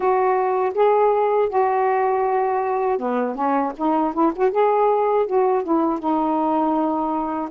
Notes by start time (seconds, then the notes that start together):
0.00 F#4
0.74 G#4
1.49 F#4
2.98 B3
3.35 C#4
3.76 D#4
4.13 E4
4.35 F#4
4.51 G#4
5.26 F#4
5.63 E4
5.99 D#4